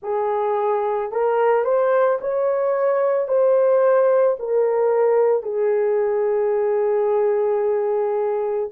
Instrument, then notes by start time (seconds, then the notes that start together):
horn
0.02 G#4
1.12 A#4
1.64 C5
2.20 C#5
3.27 C5
4.39 A#4
5.42 G#4